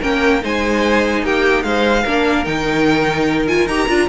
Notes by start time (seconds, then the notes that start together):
0.00 A#3 C#4 A#4 G5
0.41 G#3 D#4 C5 G#5
1.23 A#3 G4 G5
1.63 G#3 C5 F5
2.03 A#3 D4 A#4
2.45 D#3 D#4 G5
3.48 F4 G#5
3.66 D#4 G4 A#5
3.89 D4 F4